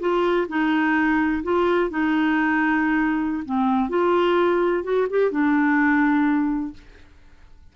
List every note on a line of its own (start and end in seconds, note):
0.00 0.47 F4
0.48 1.43 D#4
1.43 1.90 F4
1.90 3.43 D#4
3.45 3.89 C4
3.89 4.83 F4
4.83 5.07 F#4
5.10 5.31 G4
5.31 6.73 D4